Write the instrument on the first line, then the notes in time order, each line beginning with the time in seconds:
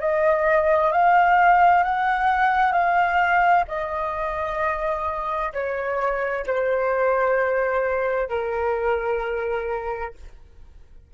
flute
0.00 D#5
0.91 F5
1.83 F#5
2.72 F5
3.68 D#5
5.53 C#5
6.46 C5
8.29 A#4